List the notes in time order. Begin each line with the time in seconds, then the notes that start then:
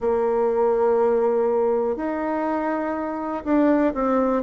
0.00 A#3
1.96 D#4
3.44 D4
3.93 C4